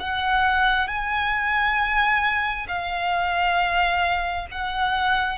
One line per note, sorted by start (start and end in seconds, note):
0.00 0.88 F#5
0.88 2.67 G#5
2.68 4.47 F5
4.51 5.39 F#5